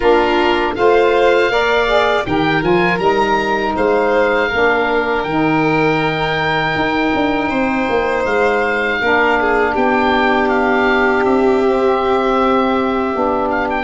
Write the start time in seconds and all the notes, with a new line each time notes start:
0.00 A#3 D4 F4 A#4
0.75 A3 F4 C5 F5
1.49 A#3 A#4 D5
1.86 G#4
2.25 D#3 G4 A#4 G5
2.61 F3 F4 G#5
2.98 G3 D#4 A#5
3.75 G#3 C5 F5
4.48 A#3 D4 A#4
5.23 D#3 D#4 G5
6.75 D#4
7.13 D4
7.48 C4 C5
7.89 A#3
8.25 G#3 F5
9.00 A#3 D4 A#4
9.40 G#4
9.73 B3 G4 G5
10.48 F5
11.24 C4 E5
11.64 C4
13.13 B3 D4
13.49 F5
13.70 G5